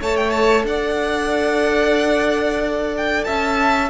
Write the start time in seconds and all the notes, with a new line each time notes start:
0.00 A3 A4 C#5 A5
0.16 G5
0.30 A5
0.64 D4 D5 F#5
2.97 G5
3.24 C#4 E5 A5